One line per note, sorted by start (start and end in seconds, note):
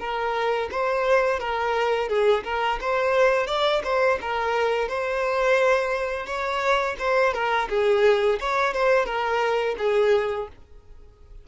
0.00 0.70 A#4
0.72 1.40 C5
1.40 2.09 A#4
2.09 2.44 G#4
2.45 2.80 A#4
2.82 3.48 C5
3.48 3.82 D5
3.85 4.20 C5
4.22 4.89 A#4
4.89 6.27 C5
6.27 6.97 C#5
6.99 7.34 C5
7.34 7.69 A#4
7.70 8.40 G#4
8.40 8.74 C#5
8.74 9.06 C5
9.06 9.76 A#4
9.79 10.48 G#4